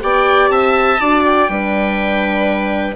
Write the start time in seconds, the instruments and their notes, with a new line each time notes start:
0.00 bassoon B3, horn G4, viola D5, oboe G5
0.49 bassoon C4, viola E5, oboe A5
1.00 bassoon D4, horn F#4, viola D5
1.25 oboe G5
1.49 bassoon G3, horn D4, viola B4